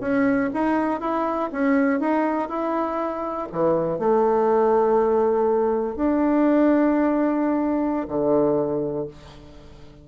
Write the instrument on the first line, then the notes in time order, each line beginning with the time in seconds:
bassoon
0.00 C#4
0.53 D#4
1.00 E4
1.51 C#4
1.99 D#4
2.48 E4
3.51 E3
3.98 A3
5.96 D4
8.08 D3